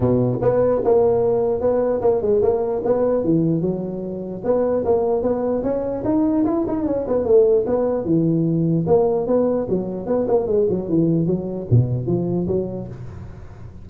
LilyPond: \new Staff \with { instrumentName = "tuba" } { \time 4/4 \tempo 4 = 149 b,4 b4 ais2 | b4 ais8 gis8 ais4 b4 | e4 fis2 b4 | ais4 b4 cis'4 dis'4 |
e'8 dis'8 cis'8 b8 a4 b4 | e2 ais4 b4 | fis4 b8 ais8 gis8 fis8 e4 | fis4 b,4 f4 fis4 | }